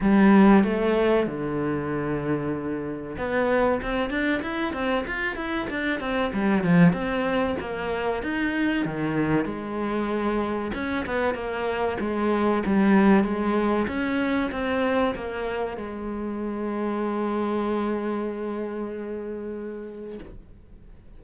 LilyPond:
\new Staff \with { instrumentName = "cello" } { \time 4/4 \tempo 4 = 95 g4 a4 d2~ | d4 b4 c'8 d'8 e'8 c'8 | f'8 e'8 d'8 c'8 g8 f8 c'4 | ais4 dis'4 dis4 gis4~ |
gis4 cis'8 b8 ais4 gis4 | g4 gis4 cis'4 c'4 | ais4 gis2.~ | gis1 | }